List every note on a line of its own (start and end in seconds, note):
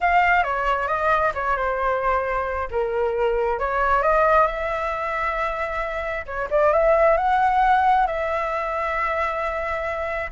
0.01 0.43 F5
0.43 0.87 C#5
0.87 1.32 D#5
1.34 1.56 C#5
1.56 2.68 C5
2.70 3.59 A#4
3.59 4.02 C#5
4.02 4.46 D#5
4.46 6.25 E5
6.26 6.48 C#5
6.50 6.72 D5
6.72 7.17 E5
7.17 8.06 F#5
8.06 10.30 E5